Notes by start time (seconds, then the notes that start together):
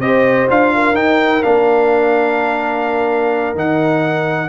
0.00 C4 G4 C5 D#5
0.49 D4 F4 F5
0.75 A#4
0.94 D#4 G5
1.43 A#3 D4 F5
3.55 D#3 D#4 F#5